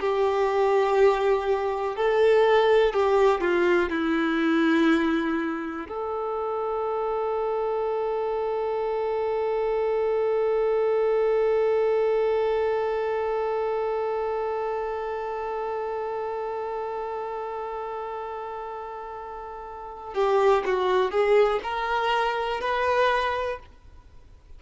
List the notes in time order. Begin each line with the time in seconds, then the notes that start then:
0.00 G4
1.96 A4
2.94 G4
3.41 F4
3.90 E4
5.89 A4
20.15 G4
20.66 F#4
21.12 G#4
21.63 A#4
22.61 B4